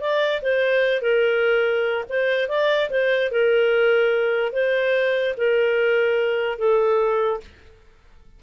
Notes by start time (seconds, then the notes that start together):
0.00 D5
0.42 C5
1.01 A#4
2.09 C5
2.48 D5
2.90 C5
3.31 A#4
4.52 C5
5.37 A#4
6.58 A4